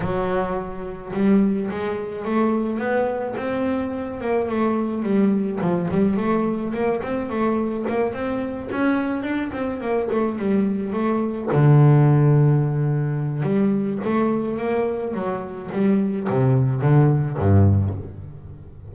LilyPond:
\new Staff \with { instrumentName = "double bass" } { \time 4/4 \tempo 4 = 107 fis2 g4 gis4 | a4 b4 c'4. ais8 | a4 g4 f8 g8 a4 | ais8 c'8 a4 ais8 c'4 cis'8~ |
cis'8 d'8 c'8 ais8 a8 g4 a8~ | a8 d2.~ d8 | g4 a4 ais4 fis4 | g4 c4 d4 g,4 | }